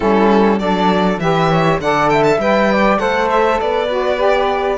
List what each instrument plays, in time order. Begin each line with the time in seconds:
0.00 cello G3, saxophone C#4, flute E4, violin A4
0.59 cello F#3, saxophone D4, flute A4, violin D5
1.18 cello E3, saxophone G4, flute B4, violin E5
1.50 flute C#5
1.80 cello D3, saxophone A4, flute D5, violin F#5
2.09 flute E5, violin G5
2.23 violin A5
2.37 cello G3, saxophone B4, violin G5
2.72 flute D5
2.97 cello A3, saxophone A4, flute C5, violin F#5
3.30 violin E5
3.60 cello B3, flute B4, violin D5
3.89 saxophone F#4
4.17 saxophone G4